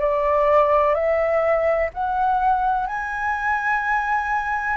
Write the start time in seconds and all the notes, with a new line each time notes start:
0.00 D5
0.95 E5
1.94 F#5
2.87 G#5